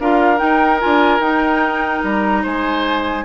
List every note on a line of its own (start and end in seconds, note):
0.00 0.41 D4
0.00 0.38 F4
0.00 2.43 A#4
0.00 0.38 F5
0.38 0.79 D#4
0.38 0.82 D#4
0.38 0.79 G5
0.80 1.20 D4
0.80 1.21 F4
0.80 1.21 G#5
1.20 2.01 D#4
1.20 3.25 D#4
1.20 2.02 G5
2.04 2.44 G3
2.04 2.45 A#5
2.43 3.25 G#3
2.43 3.24 C5
2.43 3.25 G#5